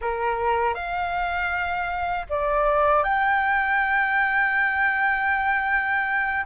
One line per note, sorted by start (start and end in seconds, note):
0.01 0.74 A#4
0.74 2.26 F5
2.29 3.03 D5
3.03 6.45 G5